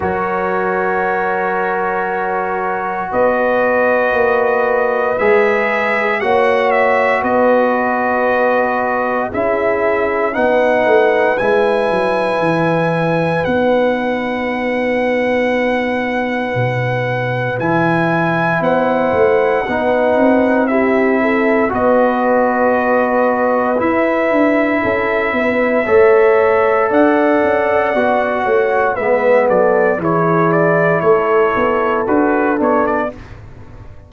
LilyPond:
<<
  \new Staff \with { instrumentName = "trumpet" } { \time 4/4 \tempo 4 = 58 cis''2. dis''4~ | dis''4 e''4 fis''8 e''8 dis''4~ | dis''4 e''4 fis''4 gis''4~ | gis''4 fis''2.~ |
fis''4 gis''4 fis''2 | e''4 dis''2 e''4~ | e''2 fis''2 | e''8 d''8 cis''8 d''8 cis''4 b'8 cis''16 d''16 | }
  \new Staff \with { instrumentName = "horn" } { \time 4/4 ais'2. b'4~ | b'2 cis''4 b'4~ | b'4 gis'4 b'2~ | b'1~ |
b'2 c''4 b'4 | g'8 a'8 b'2. | a'8 b'8 cis''4 d''4. cis''8 | b'8 a'8 gis'4 a'2 | }
  \new Staff \with { instrumentName = "trombone" } { \time 4/4 fis'1~ | fis'4 gis'4 fis'2~ | fis'4 e'4 dis'4 e'4~ | e'4 dis'2.~ |
dis'4 e'2 dis'4 | e'4 fis'2 e'4~ | e'4 a'2 fis'4 | b4 e'2 fis'8 d'8 | }
  \new Staff \with { instrumentName = "tuba" } { \time 4/4 fis2. b4 | ais4 gis4 ais4 b4~ | b4 cis'4 b8 a8 gis8 fis8 | e4 b2. |
b,4 e4 b8 a8 b8 c'8~ | c'4 b2 e'8 d'8 | cis'8 b8 a4 d'8 cis'8 b8 a8 | gis8 fis8 e4 a8 b8 d'8 b8 | }
>>